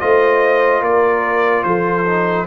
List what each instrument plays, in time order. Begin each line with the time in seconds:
0.00 tuba A3, trombone F4, horn C5, trumpet D#5
0.81 tuba A#3, horn A#4, trumpet D5
1.63 tuba F3, horn A4, trumpet C5
2.06 trombone D#4